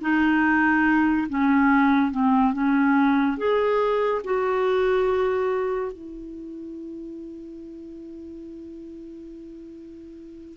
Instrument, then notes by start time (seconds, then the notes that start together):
clarinet
0.00 D#4
1.29 C#4
2.11 C4
2.53 C#4
3.37 G#4
4.24 F#4
5.92 E4